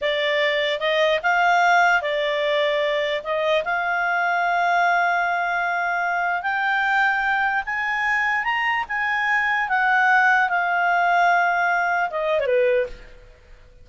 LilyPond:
\new Staff \with { instrumentName = "clarinet" } { \time 4/4 \tempo 4 = 149 d''2 dis''4 f''4~ | f''4 d''2. | dis''4 f''2.~ | f''1 |
g''2. gis''4~ | gis''4 ais''4 gis''2 | fis''2 f''2~ | f''2 dis''8. cis''16 b'4 | }